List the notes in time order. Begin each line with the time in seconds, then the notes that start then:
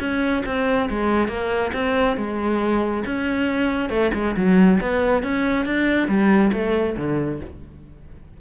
0.00 C#4
0.46 C4
0.90 G#3
1.28 A#3
1.74 C4
2.17 G#3
3.06 C#4
3.90 A3
4.14 G#3
4.37 F#3
4.81 B3
5.23 C#4
5.66 D4
6.08 G3
6.53 A3
6.97 D3